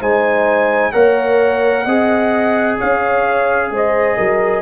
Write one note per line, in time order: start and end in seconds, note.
0.00 0.93 G#3
0.00 0.93 D#4
0.00 0.92 C5
0.00 0.92 G#5
0.92 1.86 A#3
0.92 1.85 A#4
0.92 1.85 C#5
0.92 2.76 F#5
1.85 2.78 C4
1.85 4.62 G#4
1.85 2.77 D#5
2.78 3.71 C#4
2.78 3.71 C#5
2.78 3.72 F5
3.71 4.17 G#3
3.71 4.17 C5
3.71 4.62 D#5
4.17 4.62 F#3
4.17 4.62 A#4